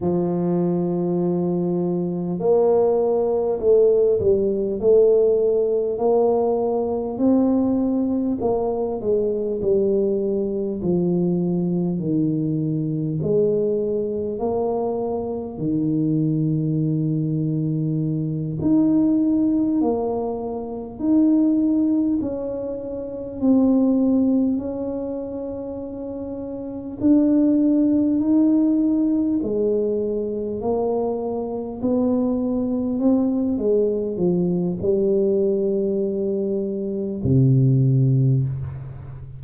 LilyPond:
\new Staff \with { instrumentName = "tuba" } { \time 4/4 \tempo 4 = 50 f2 ais4 a8 g8 | a4 ais4 c'4 ais8 gis8 | g4 f4 dis4 gis4 | ais4 dis2~ dis8 dis'8~ |
dis'8 ais4 dis'4 cis'4 c'8~ | c'8 cis'2 d'4 dis'8~ | dis'8 gis4 ais4 b4 c'8 | gis8 f8 g2 c4 | }